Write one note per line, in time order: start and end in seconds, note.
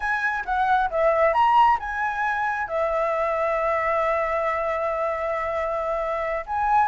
0.00 0.44 G#5
0.45 0.89 F#5
0.90 1.33 E5
1.33 1.78 A#5
1.79 2.67 G#5
2.67 6.45 E5
6.46 6.88 G#5